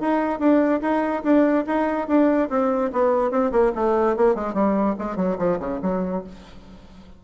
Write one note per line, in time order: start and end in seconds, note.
0.00 0.39 D#4
0.39 0.81 D4
0.81 1.23 D#4
1.23 1.65 D4
1.66 2.08 D#4
2.08 2.49 D4
2.49 2.91 C4
2.92 3.31 B3
3.31 3.52 C4
3.52 3.72 A#3
3.75 4.16 A3
4.17 4.35 A#3
4.35 4.54 G#3
4.54 4.95 G3
4.98 5.16 G#3
5.16 5.37 F#3
5.38 5.59 F3
5.59 5.80 C#3
5.82 6.24 F#3